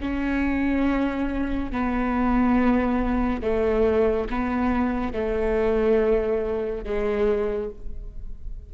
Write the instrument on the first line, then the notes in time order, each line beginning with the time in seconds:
viola
0.00 C#4
1.71 B3
3.42 A3
4.30 B3
5.13 A3
6.84 G#3